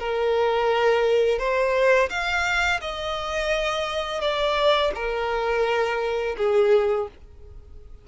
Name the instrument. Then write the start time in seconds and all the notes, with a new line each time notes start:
violin
0.00 A#4
1.39 C5
2.10 F5
2.81 D#5
4.21 D5
4.95 A#4
6.38 G#4